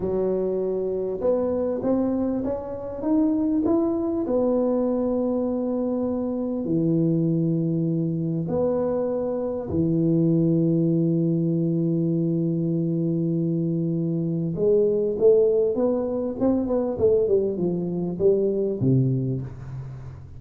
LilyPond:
\new Staff \with { instrumentName = "tuba" } { \time 4/4 \tempo 4 = 99 fis2 b4 c'4 | cis'4 dis'4 e'4 b4~ | b2. e4~ | e2 b2 |
e1~ | e1 | gis4 a4 b4 c'8 b8 | a8 g8 f4 g4 c4 | }